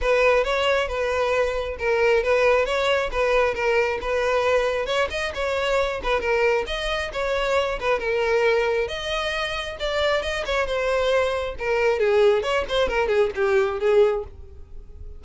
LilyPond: \new Staff \with { instrumentName = "violin" } { \time 4/4 \tempo 4 = 135 b'4 cis''4 b'2 | ais'4 b'4 cis''4 b'4 | ais'4 b'2 cis''8 dis''8 | cis''4. b'8 ais'4 dis''4 |
cis''4. b'8 ais'2 | dis''2 d''4 dis''8 cis''8 | c''2 ais'4 gis'4 | cis''8 c''8 ais'8 gis'8 g'4 gis'4 | }